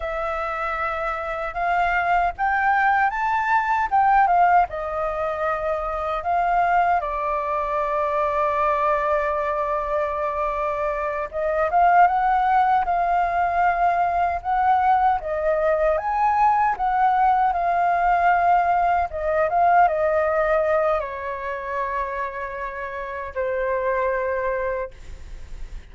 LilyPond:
\new Staff \with { instrumentName = "flute" } { \time 4/4 \tempo 4 = 77 e''2 f''4 g''4 | a''4 g''8 f''8 dis''2 | f''4 d''2.~ | d''2~ d''8 dis''8 f''8 fis''8~ |
fis''8 f''2 fis''4 dis''8~ | dis''8 gis''4 fis''4 f''4.~ | f''8 dis''8 f''8 dis''4. cis''4~ | cis''2 c''2 | }